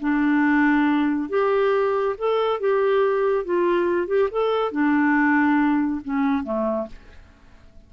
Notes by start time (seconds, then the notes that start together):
0.00 D4
1.29 G4
2.18 A4
2.60 G4
3.44 F4
4.07 G4
4.31 A4
4.71 D4
6.04 C#4
6.43 A3